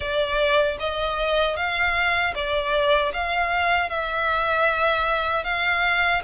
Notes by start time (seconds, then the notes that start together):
0.00 D5
0.79 D#5
1.56 F5
2.34 D5
3.13 F5
3.89 E5
5.44 F5